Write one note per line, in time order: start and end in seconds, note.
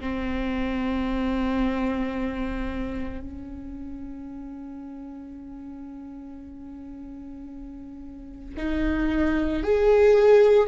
0.00 3.20 C4
3.20 8.56 C#4
8.57 9.63 D#4
9.63 10.68 G#4